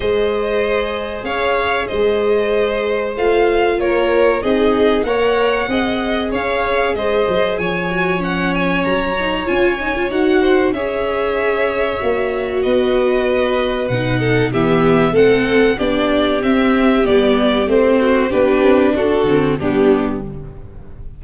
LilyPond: <<
  \new Staff \with { instrumentName = "violin" } { \time 4/4 \tempo 4 = 95 dis''2 f''4 dis''4~ | dis''4 f''4 cis''4 dis''4 | fis''2 f''4 dis''4 | gis''4 fis''8 gis''8 ais''4 gis''4 |
fis''4 e''2. | dis''2 fis''4 e''4 | fis''4 d''4 e''4 d''4 | c''4 b'4 a'4 g'4 | }
  \new Staff \with { instrumentName = "violin" } { \time 4/4 c''2 cis''4 c''4~ | c''2 ais'4 gis'4 | cis''4 dis''4 cis''4 c''4 | cis''1~ |
cis''8 c''8 cis''2. | b'2~ b'8 a'8 g'4 | a'4 g'2.~ | g'8 fis'8 g'4 fis'4 d'4 | }
  \new Staff \with { instrumentName = "viola" } { \time 4/4 gis'1~ | gis'4 f'2 dis'4 | ais'4 gis'2.~ | gis'8 fis'8 cis'4. dis'8 f'8 dis'16 f'16 |
fis'4 gis'2 fis'4~ | fis'2 dis'4 b4 | c'4 d'4 c'4 b4 | c'4 d'4. c'8 b4 | }
  \new Staff \with { instrumentName = "tuba" } { \time 4/4 gis2 cis'4 gis4~ | gis4 a4 ais4 c'4 | ais4 c'4 cis'4 gis8 fis8 | f2 fis4 cis'4 |
dis'4 cis'2 ais4 | b2 b,4 e4 | a4 b4 c'4 g4 | a4 b8 c'8 d'8 d8 g4 | }
>>